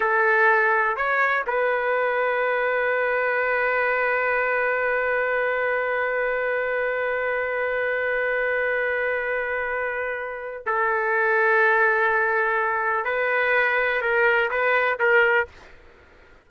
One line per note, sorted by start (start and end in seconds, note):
0.00 0.96 A4
0.96 1.44 C#5
1.46 10.66 B4
10.66 13.04 A4
13.04 14.01 B4
14.01 14.50 A#4
14.50 14.99 B4
14.99 15.47 A#4